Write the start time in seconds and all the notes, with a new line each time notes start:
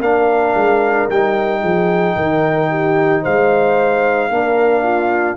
0.00 A#3 D4 A#4 F5
0.55 G#3
1.10 G3 D#4 G5
1.61 F3 G#4
2.16 D#3 A#4
2.70 G4
3.22 G#3 C5 F5
4.30 A#3 D4 A#4
4.83 F4